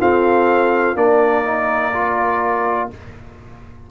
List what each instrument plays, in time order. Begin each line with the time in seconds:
0.00 trombone C4, tuba F4, horn A4, trumpet F5
0.96 tuba A#3, trombone D4, horn A#4, trumpet D5
1.44 trombone D#4
1.94 trombone F4